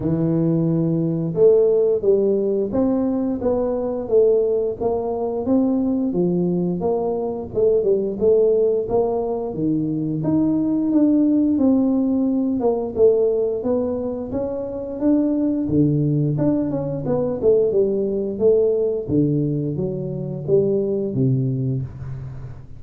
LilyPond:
\new Staff \with { instrumentName = "tuba" } { \time 4/4 \tempo 4 = 88 e2 a4 g4 | c'4 b4 a4 ais4 | c'4 f4 ais4 a8 g8 | a4 ais4 dis4 dis'4 |
d'4 c'4. ais8 a4 | b4 cis'4 d'4 d4 | d'8 cis'8 b8 a8 g4 a4 | d4 fis4 g4 c4 | }